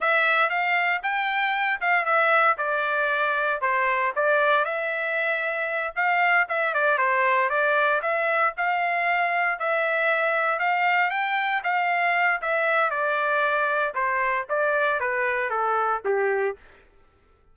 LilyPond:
\new Staff \with { instrumentName = "trumpet" } { \time 4/4 \tempo 4 = 116 e''4 f''4 g''4. f''8 | e''4 d''2 c''4 | d''4 e''2~ e''8 f''8~ | f''8 e''8 d''8 c''4 d''4 e''8~ |
e''8 f''2 e''4.~ | e''8 f''4 g''4 f''4. | e''4 d''2 c''4 | d''4 b'4 a'4 g'4 | }